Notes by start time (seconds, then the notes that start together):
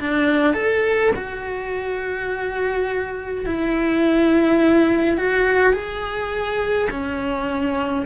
0.00 D4
0.54 A4
1.15 F#4
3.46 E4
5.18 F#4
5.74 G#4
6.91 C#4